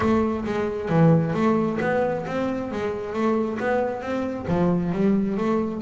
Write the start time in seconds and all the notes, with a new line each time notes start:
0.00 A3
0.45 G#3
0.89 E3
1.33 A3
1.80 B3
2.27 C4
2.71 G#3
3.13 A3
3.59 B3
4.01 C4
4.48 F3
4.92 G3
5.37 A3